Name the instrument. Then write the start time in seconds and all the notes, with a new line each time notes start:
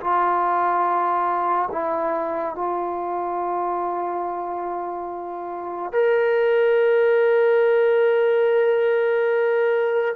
trombone
0.00 F4
1.71 E4
2.55 F4
5.92 A#4